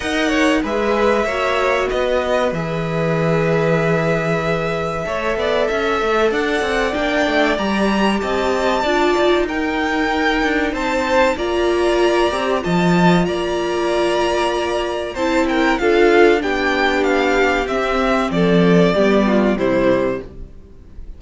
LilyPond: <<
  \new Staff \with { instrumentName = "violin" } { \time 4/4 \tempo 4 = 95 fis''4 e''2 dis''4 | e''1~ | e''2 fis''4 g''4 | ais''4 a''2 g''4~ |
g''4 a''4 ais''2 | a''4 ais''2. | a''8 g''8 f''4 g''4 f''4 | e''4 d''2 c''4 | }
  \new Staff \with { instrumentName = "violin" } { \time 4/4 dis''8 cis''8 b'4 cis''4 b'4~ | b'1 | cis''8 d''8 e''4 d''2~ | d''4 dis''4 d''4 ais'4~ |
ais'4 c''4 d''2 | dis''4 d''2. | c''8 ais'8 a'4 g'2~ | g'4 a'4 g'8 f'8 e'4 | }
  \new Staff \with { instrumentName = "viola" } { \time 4/4 ais'4 gis'4 fis'2 | gis'1 | a'2. d'4 | g'2 f'4 dis'4~ |
dis'2 f'4. g'8 | f'1 | e'4 f'4 d'2 | c'2 b4 g4 | }
  \new Staff \with { instrumentName = "cello" } { \time 4/4 dis'4 gis4 ais4 b4 | e1 | a8 b8 cis'8 a8 d'8 c'8 ais8 a8 | g4 c'4 d'8 dis'4.~ |
dis'8 d'8 c'4 ais4. c'8 | f4 ais2. | c'4 d'4 b2 | c'4 f4 g4 c4 | }
>>